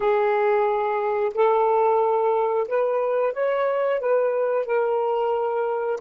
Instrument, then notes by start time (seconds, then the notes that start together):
saxophone
0.00 G#4
1.34 A4
2.68 B4
3.33 C#5
3.99 B4
4.66 A#4